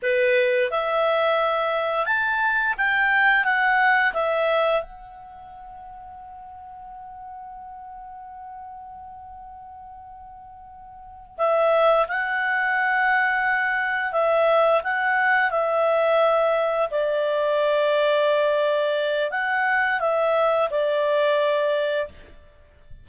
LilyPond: \new Staff \with { instrumentName = "clarinet" } { \time 4/4 \tempo 4 = 87 b'4 e''2 a''4 | g''4 fis''4 e''4 fis''4~ | fis''1~ | fis''1~ |
fis''8 e''4 fis''2~ fis''8~ | fis''8 e''4 fis''4 e''4.~ | e''8 d''2.~ d''8 | fis''4 e''4 d''2 | }